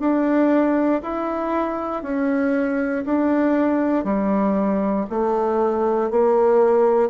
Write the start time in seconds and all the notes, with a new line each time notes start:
0.00 D4
1.03 E4
2.03 C#4
3.06 D4
4.04 G3
5.10 A3
6.11 A#3